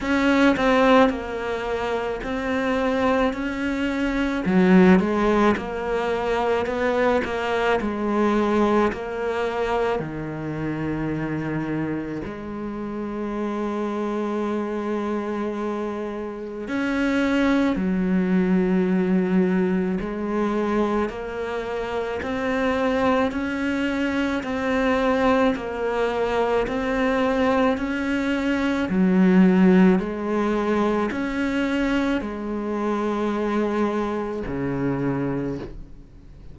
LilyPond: \new Staff \with { instrumentName = "cello" } { \time 4/4 \tempo 4 = 54 cis'8 c'8 ais4 c'4 cis'4 | fis8 gis8 ais4 b8 ais8 gis4 | ais4 dis2 gis4~ | gis2. cis'4 |
fis2 gis4 ais4 | c'4 cis'4 c'4 ais4 | c'4 cis'4 fis4 gis4 | cis'4 gis2 cis4 | }